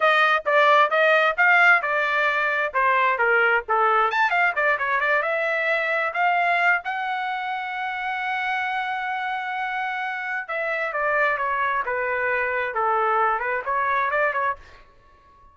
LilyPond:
\new Staff \with { instrumentName = "trumpet" } { \time 4/4 \tempo 4 = 132 dis''4 d''4 dis''4 f''4 | d''2 c''4 ais'4 | a'4 a''8 f''8 d''8 cis''8 d''8 e''8~ | e''4. f''4. fis''4~ |
fis''1~ | fis''2. e''4 | d''4 cis''4 b'2 | a'4. b'8 cis''4 d''8 cis''8 | }